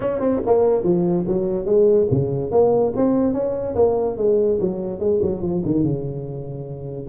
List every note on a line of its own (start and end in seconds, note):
0.00 0.20 C#4
0.20 0.41 C4
0.46 0.83 A#3
0.83 1.25 F3
1.27 1.65 F#3
1.65 2.07 G#3
2.10 2.51 C#3
2.51 2.92 A#3
2.95 3.33 C4
3.33 3.74 C#4
3.75 4.17 A#3
4.17 4.59 G#3
4.60 4.99 F#3
4.99 5.20 G#3
5.22 5.41 F#3
5.41 5.62 F3
5.65 5.83 D#3
5.83 7.08 C#3